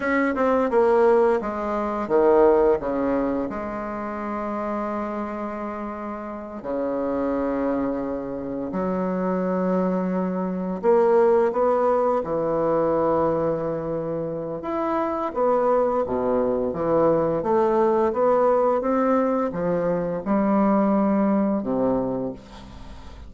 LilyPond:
\new Staff \with { instrumentName = "bassoon" } { \time 4/4 \tempo 4 = 86 cis'8 c'8 ais4 gis4 dis4 | cis4 gis2.~ | gis4. cis2~ cis8~ | cis8 fis2. ais8~ |
ais8 b4 e2~ e8~ | e4 e'4 b4 b,4 | e4 a4 b4 c'4 | f4 g2 c4 | }